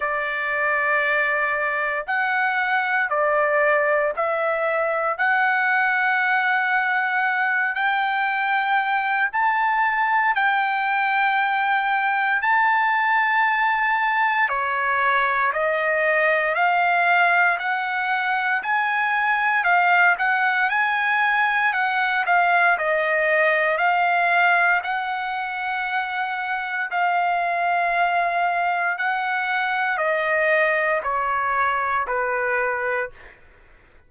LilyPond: \new Staff \with { instrumentName = "trumpet" } { \time 4/4 \tempo 4 = 58 d''2 fis''4 d''4 | e''4 fis''2~ fis''8 g''8~ | g''4 a''4 g''2 | a''2 cis''4 dis''4 |
f''4 fis''4 gis''4 f''8 fis''8 | gis''4 fis''8 f''8 dis''4 f''4 | fis''2 f''2 | fis''4 dis''4 cis''4 b'4 | }